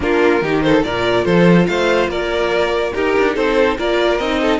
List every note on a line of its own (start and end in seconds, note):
0.00 0.41 A#3
0.00 0.41 D4
0.00 0.42 F4
0.00 0.61 A#4
0.41 0.83 D#3
0.41 0.84 D#4
0.41 0.63 G4
0.61 0.85 A4
0.61 0.82 C5
0.83 1.25 A#2
0.83 2.94 F4
0.83 1.25 A#4
0.83 1.25 D5
1.25 1.67 F3
1.25 1.67 A4
1.25 1.66 C5
1.66 2.08 A3
1.66 2.09 C5
1.66 2.08 F5
2.08 2.92 A#3
2.08 2.93 A#4
2.08 2.93 D5
2.93 3.78 D#4
2.93 3.17 D#4
2.93 3.35 G4
2.93 3.35 A#4
3.19 3.36 D4
3.35 3.78 C4
3.35 3.77 A4
3.35 3.77 C5
3.77 4.19 A#3
3.77 4.20 F4
3.77 4.40 A#4
3.77 4.17 D5
4.17 4.60 C4
4.17 4.60 D#4
4.17 4.59 D#5
4.41 4.60 A4